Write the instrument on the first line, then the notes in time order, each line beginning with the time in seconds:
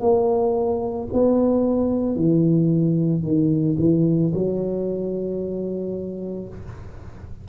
tuba
0.00 A#3
1.12 B3
2.15 E3
3.23 D#3
3.78 E3
4.34 F#3